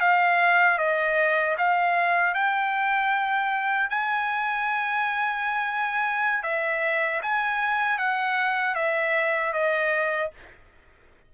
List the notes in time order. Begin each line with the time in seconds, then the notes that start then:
0.00 F5
0.78 D#5
1.58 F5
2.34 G5
3.90 G#5
6.43 E5
7.22 G#5
7.98 F#5
8.75 E5
9.53 D#5